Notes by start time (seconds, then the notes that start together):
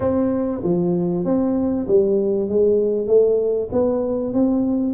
0.00 C4
0.63 F3
1.24 C4
1.87 G3
2.48 G#3
3.07 A3
3.72 B3
4.33 C4